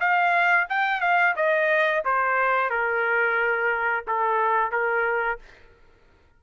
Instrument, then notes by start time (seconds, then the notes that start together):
trumpet
0.00 F5
0.70 G5
1.01 F5
1.36 D#5
2.05 C5
2.70 A#4
4.08 A4
4.72 A#4